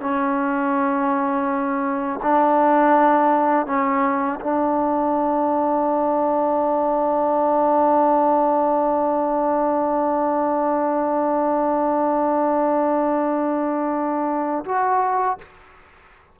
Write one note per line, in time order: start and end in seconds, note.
0.00 2.20 C#4
2.22 3.66 D4
3.66 4.39 C#4
4.40 14.64 D4
14.65 15.38 F#4